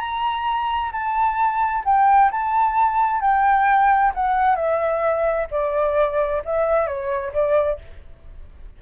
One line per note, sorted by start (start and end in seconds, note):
0.00 0.92 A#5
0.92 1.84 A5
1.85 2.31 G5
2.32 3.21 A5
3.21 4.12 G5
4.15 4.56 F#5
4.56 5.48 E5
5.51 6.42 D5
6.45 6.87 E5
6.87 7.33 C#5
7.33 7.79 D5